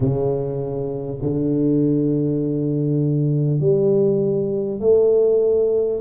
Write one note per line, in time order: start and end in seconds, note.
0.00 1.18 C#3
1.22 3.59 D3
3.59 4.79 G3
4.80 6.00 A3